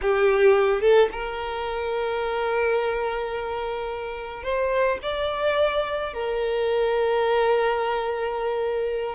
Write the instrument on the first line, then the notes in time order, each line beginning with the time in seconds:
violin
0.02 G4
0.81 A4
1.12 A#4
4.43 C5
5.02 D5
6.13 A#4